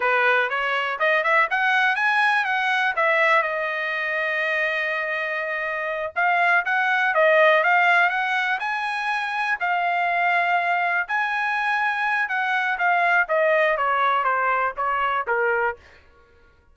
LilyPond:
\new Staff \with { instrumentName = "trumpet" } { \time 4/4 \tempo 4 = 122 b'4 cis''4 dis''8 e''8 fis''4 | gis''4 fis''4 e''4 dis''4~ | dis''1~ | dis''8 f''4 fis''4 dis''4 f''8~ |
f''8 fis''4 gis''2 f''8~ | f''2~ f''8 gis''4.~ | gis''4 fis''4 f''4 dis''4 | cis''4 c''4 cis''4 ais'4 | }